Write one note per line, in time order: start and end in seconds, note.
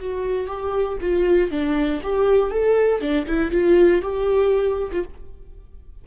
0.00 0.47 F#4
0.47 0.98 G4
1.01 1.51 F4
1.51 2.02 D4
2.03 2.51 G4
2.51 3.01 A4
3.01 3.27 D4
3.27 3.52 E4
3.52 4.02 F4
4.02 4.91 G4
4.92 5.05 F4